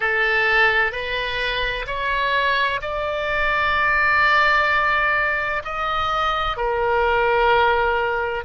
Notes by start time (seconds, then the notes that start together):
0.00 A4
0.92 B4
1.86 C#5
2.81 D5
5.64 D#5
6.56 A#4